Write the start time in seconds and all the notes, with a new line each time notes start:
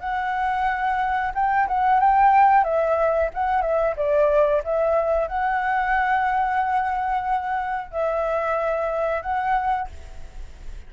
0.00 F#5
1.34 G5
1.68 F#5
2.00 G5
2.64 E5
3.34 F#5
3.62 E5
3.96 D5
4.64 E5
5.27 F#5
7.91 E5
9.22 F#5